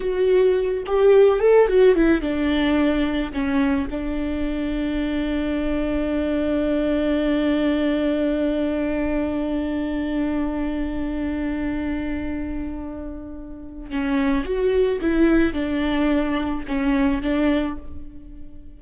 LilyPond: \new Staff \with { instrumentName = "viola" } { \time 4/4 \tempo 4 = 108 fis'4. g'4 a'8 fis'8 e'8 | d'2 cis'4 d'4~ | d'1~ | d'1~ |
d'1~ | d'1~ | d'4 cis'4 fis'4 e'4 | d'2 cis'4 d'4 | }